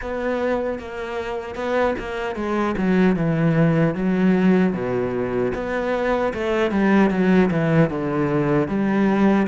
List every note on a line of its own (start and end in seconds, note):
0.01 0.79 B3
0.79 1.55 A#3
1.55 1.94 B3
1.98 2.35 A#3
2.35 2.75 G#3
2.77 3.16 F#3
3.16 3.95 E3
3.95 4.73 F#3
4.73 5.52 B2
5.54 6.33 B3
6.33 6.71 A3
6.71 7.10 G3
7.10 7.50 F#3
7.50 7.89 E3
7.89 8.67 D3
8.67 9.46 G3